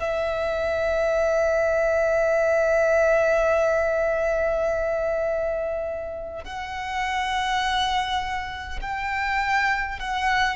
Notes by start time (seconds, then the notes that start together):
0.00 E5
6.44 F#5
8.82 G5
9.99 F#5